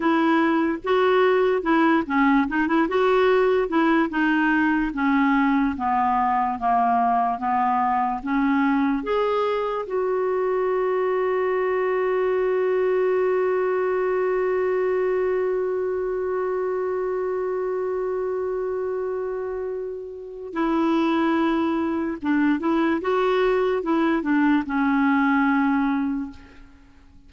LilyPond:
\new Staff \with { instrumentName = "clarinet" } { \time 4/4 \tempo 4 = 73 e'4 fis'4 e'8 cis'8 dis'16 e'16 fis'8~ | fis'8 e'8 dis'4 cis'4 b4 | ais4 b4 cis'4 gis'4 | fis'1~ |
fis'1~ | fis'1~ | fis'4 e'2 d'8 e'8 | fis'4 e'8 d'8 cis'2 | }